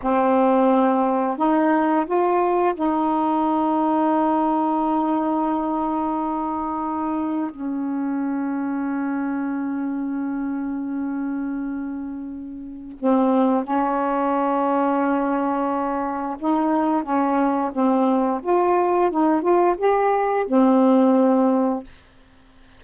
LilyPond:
\new Staff \with { instrumentName = "saxophone" } { \time 4/4 \tempo 4 = 88 c'2 dis'4 f'4 | dis'1~ | dis'2. cis'4~ | cis'1~ |
cis'2. c'4 | cis'1 | dis'4 cis'4 c'4 f'4 | dis'8 f'8 g'4 c'2 | }